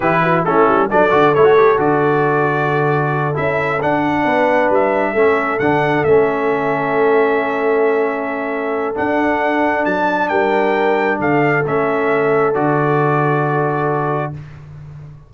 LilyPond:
<<
  \new Staff \with { instrumentName = "trumpet" } { \time 4/4 \tempo 4 = 134 b'4 a'4 d''4 cis''4 | d''2.~ d''8 e''8~ | e''8 fis''2 e''4.~ | e''8 fis''4 e''2~ e''8~ |
e''1 | fis''2 a''4 g''4~ | g''4 f''4 e''2 | d''1 | }
  \new Staff \with { instrumentName = "horn" } { \time 4/4 g'8 fis'8 e'4 a'2~ | a'1~ | a'4. b'2 a'8~ | a'1~ |
a'1~ | a'2. ais'4~ | ais'4 a'2.~ | a'1 | }
  \new Staff \with { instrumentName = "trombone" } { \time 4/4 e'4 cis'4 d'8 fis'8 e'16 fis'16 g'8 | fis'2.~ fis'8 e'8~ | e'8 d'2. cis'8~ | cis'8 d'4 cis'2~ cis'8~ |
cis'1 | d'1~ | d'2 cis'2 | fis'1 | }
  \new Staff \with { instrumentName = "tuba" } { \time 4/4 e4 a8 g8 fis8 d8 a4 | d2.~ d8 cis'8~ | cis'8 d'4 b4 g4 a8~ | a8 d4 a2~ a8~ |
a1 | d'2 fis4 g4~ | g4 d4 a2 | d1 | }
>>